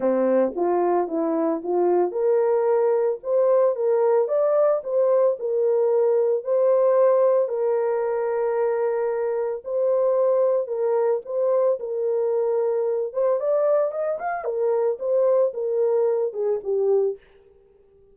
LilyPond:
\new Staff \with { instrumentName = "horn" } { \time 4/4 \tempo 4 = 112 c'4 f'4 e'4 f'4 | ais'2 c''4 ais'4 | d''4 c''4 ais'2 | c''2 ais'2~ |
ais'2 c''2 | ais'4 c''4 ais'2~ | ais'8 c''8 d''4 dis''8 f''8 ais'4 | c''4 ais'4. gis'8 g'4 | }